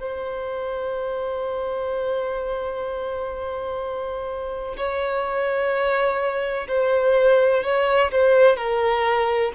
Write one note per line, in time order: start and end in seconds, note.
0.00 4.76 C5
4.77 6.68 C#5
6.68 7.63 C5
7.64 8.11 C#5
8.11 8.57 C5
8.57 9.52 A#4